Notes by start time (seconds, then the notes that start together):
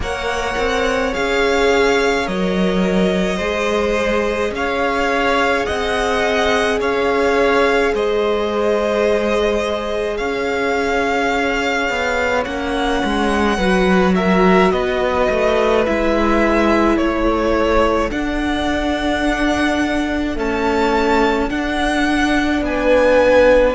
0.00 A#3 A#4 C#5 F#5
0.57 C4
1.12 C#4 G#4 F5
2.25 F#3 A#4 D#5
3.37 G#3 G#4 C5
4.51 C#4 C#5 F5
5.65 C4 D#5 F#5
6.80 C#4 C#5 F5
7.93 G#3 C5 D#5
10.17 C#4 C#5 F5
11.89 B3
12.44 A#3 C#4 F#5
13.03 G#3
13.57 F#3 F#4 B4
14.14 A#4 E5
14.71 B3 B4 D#5
15.29 A3
15.85 G#3 E4 E5
16.97 A3 A4 C#5
18.10 D4 F#5
20.36 A3 C#4 A5
21.49 D4 F#5
22.61 B3 B4 G#5